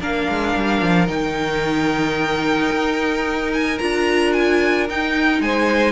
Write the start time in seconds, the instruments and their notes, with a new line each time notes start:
0.00 cello A#3, viola D4, violin A#4 F5
0.28 cello G#3
0.55 cello G3
0.81 cello F3
1.07 cello D#3, viola D#4, violin G5
2.71 cello D#4
3.53 violin G#5
3.78 cello D4, viola F4, violin A#5
4.32 violin G#5
4.88 viola D#4, cello D#4, violin G5
5.40 cello G#3, violin C5 G#5